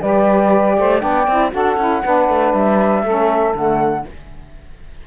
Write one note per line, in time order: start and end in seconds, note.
0.00 0.78 G3
0.00 0.99 G4
0.00 0.76 B4
0.00 1.00 D5
0.78 1.02 A3
0.78 1.01 C5
0.99 1.27 B3
0.99 1.24 D4
0.99 1.51 D5
0.99 1.50 G5
1.27 1.53 C4
1.27 1.51 E4
1.51 1.77 D4
1.51 1.76 F#4
1.51 2.02 A4
1.51 2.53 F#5
1.77 2.02 C#4
1.77 2.03 E4
2.04 2.28 B3
2.04 3.04 D4
2.04 3.03 B4
2.28 2.53 A3
2.53 3.03 G3
2.53 3.54 E5
3.03 3.53 A3
3.03 3.53 C#4
3.03 4.04 A4
3.53 4.05 D3
3.53 4.04 A3
3.53 4.06 F#5